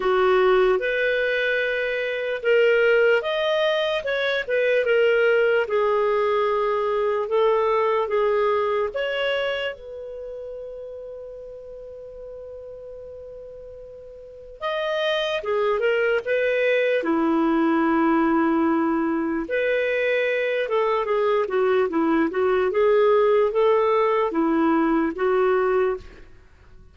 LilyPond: \new Staff \with { instrumentName = "clarinet" } { \time 4/4 \tempo 4 = 74 fis'4 b'2 ais'4 | dis''4 cis''8 b'8 ais'4 gis'4~ | gis'4 a'4 gis'4 cis''4 | b'1~ |
b'2 dis''4 gis'8 ais'8 | b'4 e'2. | b'4. a'8 gis'8 fis'8 e'8 fis'8 | gis'4 a'4 e'4 fis'4 | }